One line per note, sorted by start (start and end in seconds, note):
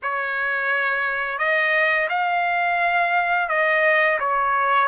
0.02 1.38 C#5
1.38 2.08 D#5
2.09 3.49 F5
3.49 4.18 D#5
4.19 4.88 C#5